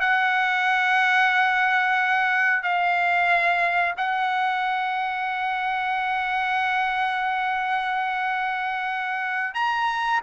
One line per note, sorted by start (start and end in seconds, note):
0.00 2.63 F#5
2.63 3.94 F5
3.97 9.54 F#5
9.54 10.20 A#5